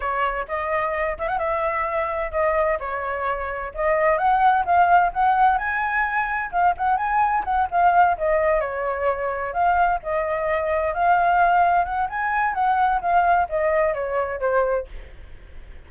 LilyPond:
\new Staff \with { instrumentName = "flute" } { \time 4/4 \tempo 4 = 129 cis''4 dis''4. e''16 fis''16 e''4~ | e''4 dis''4 cis''2 | dis''4 fis''4 f''4 fis''4 | gis''2 f''8 fis''8 gis''4 |
fis''8 f''4 dis''4 cis''4.~ | cis''8 f''4 dis''2 f''8~ | f''4. fis''8 gis''4 fis''4 | f''4 dis''4 cis''4 c''4 | }